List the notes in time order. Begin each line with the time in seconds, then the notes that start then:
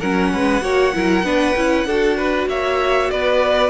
0.00 F#3 C#4 A#4 F#5
0.33 G#3 B4
0.62 A#3 F#4 C#5
0.94 F#3 E4 A#4
1.23 B3 D4 B4
1.56 C#4 E4
1.86 D4 F#4 A4
2.18 B4
2.48 A#3 C#5 E5
3.11 B3 B4 D5